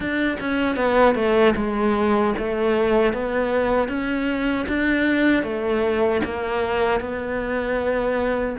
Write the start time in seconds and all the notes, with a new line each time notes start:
0.00 D4
0.40 C#4
0.76 B3
1.15 A3
1.56 G#3
2.38 A3
3.13 B3
3.88 C#4
4.68 D4
5.43 A3
6.24 A#3
7.00 B3